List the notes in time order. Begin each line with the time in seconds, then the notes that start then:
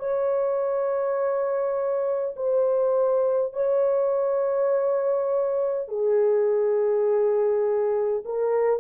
0.00 C#5
2.36 C5
3.53 C#5
5.89 G#4
8.26 A#4